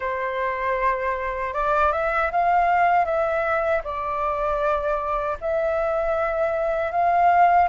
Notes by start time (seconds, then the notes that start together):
0.00 C5
1.53 D5
1.92 E5
2.31 F5
3.05 E5
3.84 D5
5.40 E5
6.91 F5